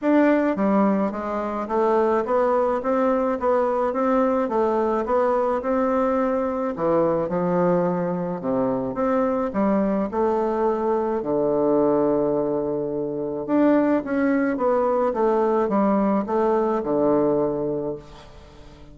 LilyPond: \new Staff \with { instrumentName = "bassoon" } { \time 4/4 \tempo 4 = 107 d'4 g4 gis4 a4 | b4 c'4 b4 c'4 | a4 b4 c'2 | e4 f2 c4 |
c'4 g4 a2 | d1 | d'4 cis'4 b4 a4 | g4 a4 d2 | }